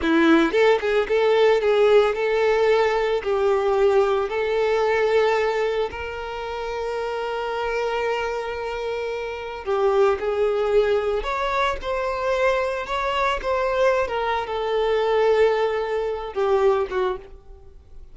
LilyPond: \new Staff \with { instrumentName = "violin" } { \time 4/4 \tempo 4 = 112 e'4 a'8 gis'8 a'4 gis'4 | a'2 g'2 | a'2. ais'4~ | ais'1~ |
ais'2 g'4 gis'4~ | gis'4 cis''4 c''2 | cis''4 c''4~ c''16 ais'8. a'4~ | a'2~ a'8 g'4 fis'8 | }